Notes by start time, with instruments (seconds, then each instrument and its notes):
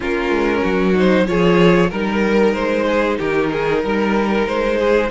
0.00 cello A#3, viola C#4, violin F4 A#4
0.30 cello G#3
0.61 cello F#3, violin F#4
0.94 viola D#4, violin C5
1.26 cello F3, viola F4, violin G#4 C#5
1.89 cello G3, viola D#4, violin A#4
2.53 cello G#3, violin C5
2.87 violin G#4
3.18 cello D#3, violin G4 A#4
3.51 violin G#4
3.83 cello G3, violin A#4
4.47 cello G#3, violin C5
4.77 violin G#4